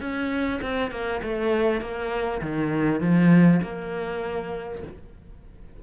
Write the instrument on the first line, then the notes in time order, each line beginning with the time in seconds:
cello
0.00 C#4
0.62 C4
0.91 A#3
1.22 A3
1.81 A#3
2.41 D#3
3.01 F3
3.62 A#3